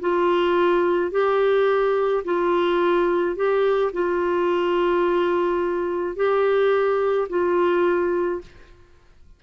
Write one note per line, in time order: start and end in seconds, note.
0.00 1.11 F4
1.11 2.23 G4
2.24 3.36 F4
3.36 3.92 G4
3.93 6.16 F4
6.16 7.28 G4
7.29 8.41 F4